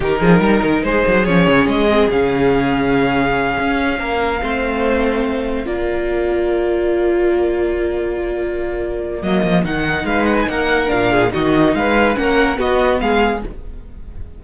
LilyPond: <<
  \new Staff \with { instrumentName = "violin" } { \time 4/4 \tempo 4 = 143 ais'2 c''4 cis''4 | dis''4 f''2.~ | f''1~ | f''4. d''2~ d''8~ |
d''1~ | d''2 dis''4 fis''4 | f''8 fis''16 gis''16 fis''4 f''4 dis''4 | f''4 fis''4 dis''4 f''4 | }
  \new Staff \with { instrumentName = "violin" } { \time 4/4 g'8 gis'8 ais'4 gis'2~ | gis'1~ | gis'4. ais'4 c''4.~ | c''4. ais'2~ ais'8~ |
ais'1~ | ais'1 | b'4 ais'4. gis'8 fis'4 | b'4 ais'4 fis'4 gis'4 | }
  \new Staff \with { instrumentName = "viola" } { \time 4/4 dis'2. cis'4~ | cis'8 c'8 cis'2.~ | cis'2~ cis'8 c'4.~ | c'4. f'2~ f'8~ |
f'1~ | f'2 ais4 dis'4~ | dis'2 d'4 dis'4~ | dis'4 cis'4 b2 | }
  \new Staff \with { instrumentName = "cello" } { \time 4/4 dis8 f8 g8 dis8 gis8 fis8 f8 cis8 | gis4 cis2.~ | cis8 cis'4 ais4 a4.~ | a4. ais2~ ais8~ |
ais1~ | ais2 fis8 f8 dis4 | gis4 ais4 ais,4 dis4 | gis4 ais4 b4 gis4 | }
>>